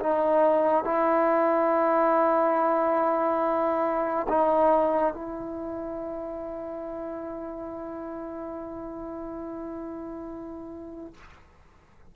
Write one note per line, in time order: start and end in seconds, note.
0.00 0.84 D#4
0.84 4.27 E4
4.29 5.14 D#4
5.14 11.14 E4